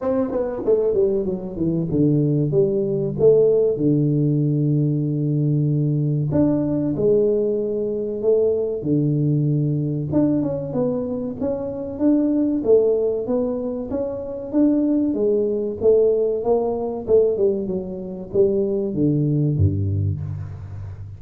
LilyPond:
\new Staff \with { instrumentName = "tuba" } { \time 4/4 \tempo 4 = 95 c'8 b8 a8 g8 fis8 e8 d4 | g4 a4 d2~ | d2 d'4 gis4~ | gis4 a4 d2 |
d'8 cis'8 b4 cis'4 d'4 | a4 b4 cis'4 d'4 | gis4 a4 ais4 a8 g8 | fis4 g4 d4 g,4 | }